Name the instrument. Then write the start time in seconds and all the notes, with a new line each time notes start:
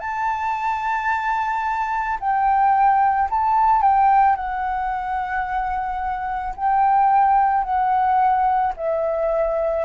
flute
0.00 A5
2.20 G5
3.31 A5
3.82 G5
4.36 F#5
6.56 G5
7.64 F#5
8.77 E5